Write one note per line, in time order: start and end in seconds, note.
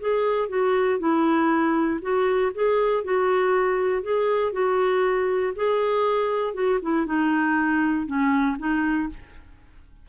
0.00 0.49 G#4
0.49 0.99 F#4
0.99 2.00 E4
2.02 2.52 F#4
2.55 3.04 G#4
3.04 4.03 F#4
4.03 4.52 G#4
4.52 5.53 F#4
5.56 6.54 G#4
6.54 6.79 F#4
6.82 7.06 E4
7.06 8.06 D#4
8.06 8.57 C#4
8.59 9.09 D#4